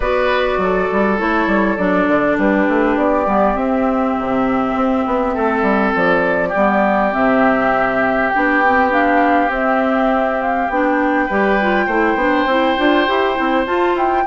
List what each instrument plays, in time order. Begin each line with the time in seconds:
0.00 bassoon B3, clarinet F#4, oboe B4, flute D5
0.57 bassoon F#3, oboe A4
0.91 bassoon G3
1.18 bassoon A3, clarinet E4, flute C#5
1.46 bassoon G3
1.77 bassoon F#3, clarinet D4, flute D5
2.07 bassoon D3
2.37 bassoon G3, oboe G4, flute B4
2.67 bassoon A3
2.96 bassoon B3, flute D5
3.26 bassoon G3, clarinet B3
3.54 clarinet C4, bassoon C4, flute E5
4.19 bassoon C3
4.75 bassoon C4
5.06 bassoon B3
5.34 bassoon A3, oboe A4
5.62 bassoon G3
5.95 bassoon F3, flute D5
6.49 oboe G4
6.55 bassoon G3, clarinet B3
7.11 bassoon C3, clarinet C4, flute E5
8.29 clarinet D4, flute G5
8.35 bassoon B3
8.65 clarinet C4
8.90 clarinet D4, flute F5
9.48 bassoon C4, clarinet C4, flute E5
10.41 flute F5
10.69 bassoon B3, clarinet D4, flute G5
11.26 bassoon G3, clarinet G4, oboe B4
11.61 clarinet F4
11.86 bassoon A3, clarinet E4, oboe C5
12.14 bassoon B3, clarinet D4
12.46 bassoon C4, clarinet E4
12.77 bassoon D4, clarinet F4
13.07 bassoon E4, clarinet G4
13.35 bassoon C4, clarinet E4
13.66 clarinet F4, bassoon F4, flute A5
13.94 bassoon E4, flute G5